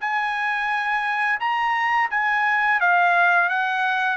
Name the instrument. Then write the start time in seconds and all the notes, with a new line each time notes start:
trumpet
0.00 G#5
1.40 A#5
2.10 G#5
2.80 F5
3.49 F#5